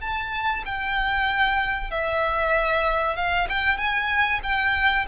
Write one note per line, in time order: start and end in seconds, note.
0.00 0.63 A5
0.65 1.90 G5
1.90 3.16 E5
3.16 3.47 F5
3.49 3.77 G5
3.77 4.40 G#5
4.43 5.06 G5